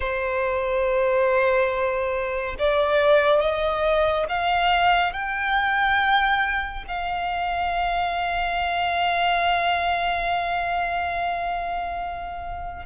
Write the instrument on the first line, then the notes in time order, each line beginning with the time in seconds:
violin
0.00 C5
2.58 D5
3.40 D#5
4.28 F5
5.12 G5
6.87 F5